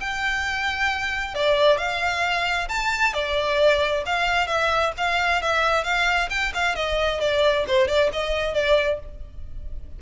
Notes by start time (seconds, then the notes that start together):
0.00 G5
1.34 D5
1.78 F5
2.68 A5
3.13 D5
4.05 F5
4.47 E5
4.97 F5
5.41 E5
5.83 F5
6.30 G5
6.54 F5
6.75 D#5
7.20 D5
7.67 C5
7.87 D5
8.12 D#5
8.54 D5